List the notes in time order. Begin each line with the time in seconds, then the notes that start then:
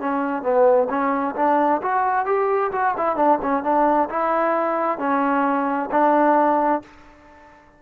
0.00 C#4
0.43 B3
0.90 C#4
1.36 D4
1.82 F#4
2.26 G4
2.72 F#4
2.98 E4
3.16 D4
3.42 C#4
3.64 D4
4.10 E4
4.99 C#4
5.91 D4